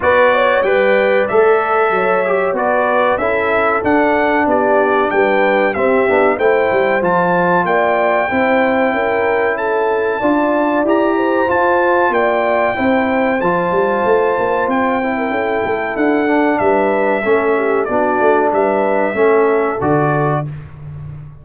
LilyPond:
<<
  \new Staff \with { instrumentName = "trumpet" } { \time 4/4 \tempo 4 = 94 d''4 g''4 e''2 | d''4 e''4 fis''4 d''4 | g''4 e''4 g''4 a''4 | g''2. a''4~ |
a''4 ais''4 a''4 g''4~ | g''4 a''2 g''4~ | g''4 fis''4 e''2 | d''4 e''2 d''4 | }
  \new Staff \with { instrumentName = "horn" } { \time 4/4 b'8 cis''8 d''2 cis''4 | b'4 a'2 g'4 | b'4 g'4 c''2 | d''4 c''4 ais'4 a'4 |
d''4. c''4. d''4 | c''2.~ c''8. ais'16 | a'2 b'4 a'8 g'8 | fis'4 b'4 a'2 | }
  \new Staff \with { instrumentName = "trombone" } { \time 4/4 fis'4 b'4 a'4. g'8 | fis'4 e'4 d'2~ | d'4 c'8 d'8 e'4 f'4~ | f'4 e'2. |
f'4 g'4 f'2 | e'4 f'2~ f'8 e'8~ | e'4. d'4. cis'4 | d'2 cis'4 fis'4 | }
  \new Staff \with { instrumentName = "tuba" } { \time 4/4 b4 g4 a4 fis4 | b4 cis'4 d'4 b4 | g4 c'8 b8 a8 g8 f4 | ais4 c'4 cis'2 |
d'4 e'4 f'4 ais4 | c'4 f8 g8 a8 ais8 c'4 | cis'8 a8 d'4 g4 a4 | b8 a8 g4 a4 d4 | }
>>